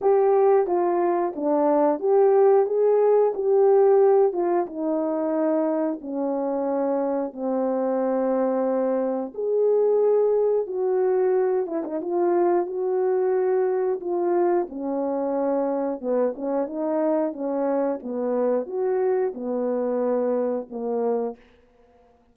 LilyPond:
\new Staff \with { instrumentName = "horn" } { \time 4/4 \tempo 4 = 90 g'4 f'4 d'4 g'4 | gis'4 g'4. f'8 dis'4~ | dis'4 cis'2 c'4~ | c'2 gis'2 |
fis'4. e'16 dis'16 f'4 fis'4~ | fis'4 f'4 cis'2 | b8 cis'8 dis'4 cis'4 b4 | fis'4 b2 ais4 | }